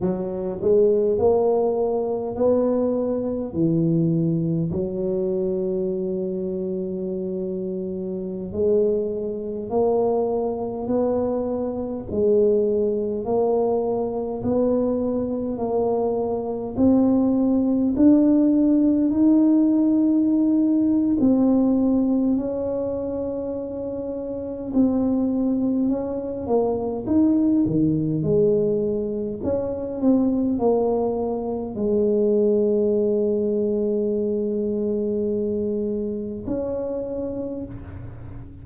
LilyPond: \new Staff \with { instrumentName = "tuba" } { \time 4/4 \tempo 4 = 51 fis8 gis8 ais4 b4 e4 | fis2.~ fis16 gis8.~ | gis16 ais4 b4 gis4 ais8.~ | ais16 b4 ais4 c'4 d'8.~ |
d'16 dis'4.~ dis'16 c'4 cis'4~ | cis'4 c'4 cis'8 ais8 dis'8 dis8 | gis4 cis'8 c'8 ais4 gis4~ | gis2. cis'4 | }